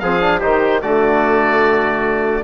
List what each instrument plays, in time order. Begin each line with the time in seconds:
0.00 bassoon F3, trombone C4, trumpet G#4, oboe F5
0.21 trombone D4
0.40 bassoon D#3, trombone D#4, trumpet G4, oboe C5
0.82 bassoon D3, trombone A3, trumpet F#4, oboe D5